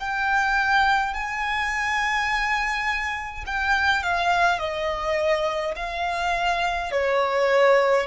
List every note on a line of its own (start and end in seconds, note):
0.00 1.14 G5
1.14 3.45 G#5
3.46 4.03 G5
4.03 4.59 F5
4.59 5.75 D#5
5.76 6.91 F5
6.92 8.07 C#5